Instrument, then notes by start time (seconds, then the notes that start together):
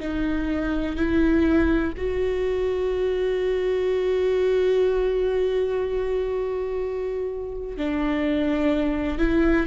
viola
0.00 D#4
0.97 E4
1.98 F#4
7.77 D4
9.18 E4